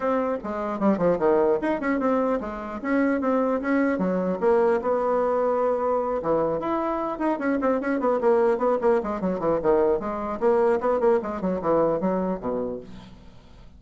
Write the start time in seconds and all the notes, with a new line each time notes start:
0.00 C4
0.43 G#3
0.79 G3
0.97 F3
1.18 D#3
1.61 D#4
1.80 C#4
1.99 C4
2.40 G#3
2.81 C#4
3.21 C4
3.61 C#4
3.98 F#3
4.40 A#3
4.81 B3
6.22 E3
6.59 E4
7.18 D#4
7.39 C#4
7.61 C4
7.80 C#4
8.00 B3
8.20 A#3
8.57 B3
8.81 A#3
9.03 G#3
9.21 F#3
9.39 E3
9.62 D#3
9.99 G#3
10.40 A#3
10.80 B3
11.00 A#3
11.22 G#3
11.41 F#3
11.61 E3
12.00 F#3
12.40 B2